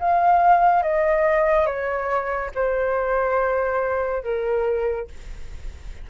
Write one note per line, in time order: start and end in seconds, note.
0.00 0.83 F5
0.83 1.66 D#5
1.66 2.51 C#5
2.55 4.24 C5
4.24 5.08 A#4